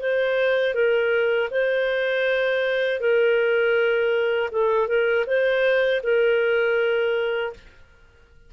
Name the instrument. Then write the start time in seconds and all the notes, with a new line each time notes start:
clarinet
0.00 C5
0.75 A#4
1.51 C5
3.00 A#4
4.52 A4
4.88 A#4
5.27 C5
6.03 A#4